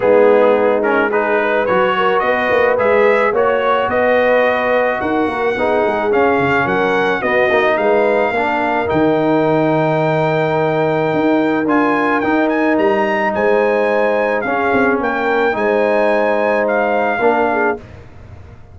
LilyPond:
<<
  \new Staff \with { instrumentName = "trumpet" } { \time 4/4 \tempo 4 = 108 gis'4. ais'8 b'4 cis''4 | dis''4 e''4 cis''4 dis''4~ | dis''4 fis''2 f''4 | fis''4 dis''4 f''2 |
g''1~ | g''4 gis''4 g''8 gis''8 ais''4 | gis''2 f''4 g''4 | gis''2 f''2 | }
  \new Staff \with { instrumentName = "horn" } { \time 4/4 dis'2 gis'8 b'4 ais'8 | b'2 cis''4 b'4~ | b'4 ais'4 gis'2 | ais'4 fis'4 b'4 ais'4~ |
ais'1~ | ais'1 | c''2 gis'4 ais'4 | c''2. ais'8 gis'8 | }
  \new Staff \with { instrumentName = "trombone" } { \time 4/4 b4. cis'8 dis'4 fis'4~ | fis'4 gis'4 fis'2~ | fis'2 dis'4 cis'4~ | cis'4 b8 dis'4. d'4 |
dis'1~ | dis'4 f'4 dis'2~ | dis'2 cis'2 | dis'2. d'4 | }
  \new Staff \with { instrumentName = "tuba" } { \time 4/4 gis2. fis4 | b8 ais8 gis4 ais4 b4~ | b4 dis'8 ais8 b8 gis8 cis'8 cis8 | fis4 b8 ais8 gis4 ais4 |
dis1 | dis'4 d'4 dis'4 g4 | gis2 cis'8 c'8 ais4 | gis2. ais4 | }
>>